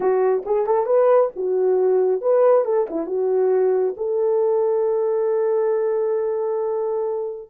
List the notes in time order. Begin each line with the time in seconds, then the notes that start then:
0.00 F#4
0.45 G#4
0.66 A4
0.85 B4
1.36 F#4
2.21 B4
2.64 A4
2.90 E4
3.06 F#4
3.96 A4